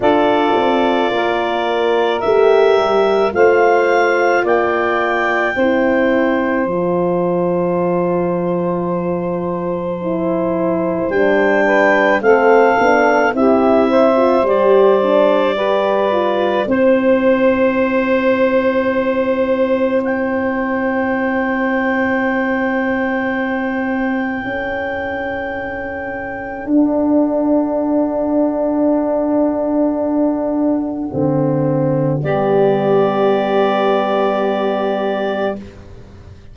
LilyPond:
<<
  \new Staff \with { instrumentName = "clarinet" } { \time 4/4 \tempo 4 = 54 d''2 e''4 f''4 | g''2 a''2~ | a''2 g''4 f''4 | e''4 d''2 c''4~ |
c''2 g''2~ | g''1 | fis''1~ | fis''4 d''2. | }
  \new Staff \with { instrumentName = "saxophone" } { \time 4/4 a'4 ais'2 c''4 | d''4 c''2.~ | c''2~ c''8 b'8 a'4 | g'8 c''4. b'4 c''4~ |
c''1~ | c''2 a'2~ | a'1~ | a'4 g'2. | }
  \new Staff \with { instrumentName = "horn" } { \time 4/4 f'2 g'4 f'4~ | f'4 e'4 f'2~ | f'4 e'4 d'4 c'8 d'8 | e'8. f'16 g'8 d'8 g'8 f'8 e'4~ |
e'1~ | e'1 | d'1 | c'4 b2. | }
  \new Staff \with { instrumentName = "tuba" } { \time 4/4 d'8 c'8 ais4 a8 g8 a4 | ais4 c'4 f2~ | f2 g4 a8 b8 | c'4 g2 c'4~ |
c'1~ | c'2 cis'2 | d'1 | d4 g2. | }
>>